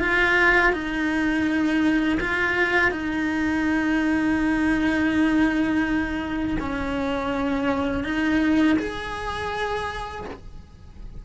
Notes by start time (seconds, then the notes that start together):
0.00 F4
0.73 D#4
2.21 F4
2.92 D#4
6.60 C#4
8.04 D#4
8.79 G#4